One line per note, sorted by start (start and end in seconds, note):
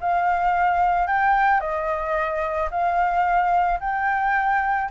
0.00 1.07 F5
1.07 1.60 G5
1.60 2.69 D#5
2.70 3.79 F5
3.80 4.89 G5